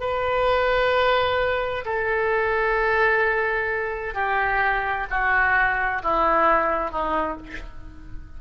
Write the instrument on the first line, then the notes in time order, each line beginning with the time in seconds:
oboe
0.00 B4
1.85 A4
4.14 G4
5.10 F#4
6.03 E4
6.91 D#4